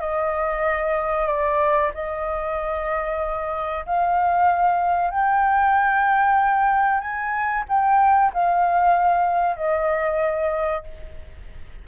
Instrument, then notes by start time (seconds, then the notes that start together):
flute
0.00 D#5
1.27 D5
1.94 D#5
3.86 F5
5.10 G5
7.00 G#5
7.69 G5
8.33 F5
9.56 D#5